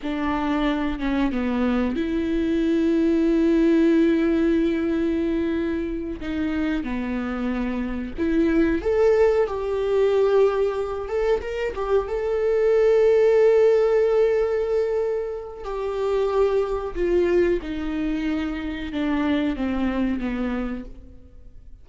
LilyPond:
\new Staff \with { instrumentName = "viola" } { \time 4/4 \tempo 4 = 92 d'4. cis'8 b4 e'4~ | e'1~ | e'4. dis'4 b4.~ | b8 e'4 a'4 g'4.~ |
g'4 a'8 ais'8 g'8 a'4.~ | a'1 | g'2 f'4 dis'4~ | dis'4 d'4 c'4 b4 | }